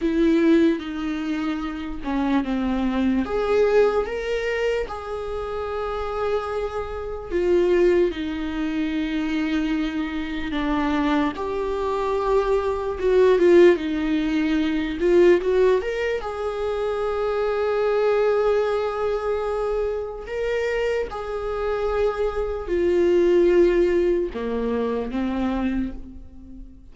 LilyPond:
\new Staff \with { instrumentName = "viola" } { \time 4/4 \tempo 4 = 74 e'4 dis'4. cis'8 c'4 | gis'4 ais'4 gis'2~ | gis'4 f'4 dis'2~ | dis'4 d'4 g'2 |
fis'8 f'8 dis'4. f'8 fis'8 ais'8 | gis'1~ | gis'4 ais'4 gis'2 | f'2 ais4 c'4 | }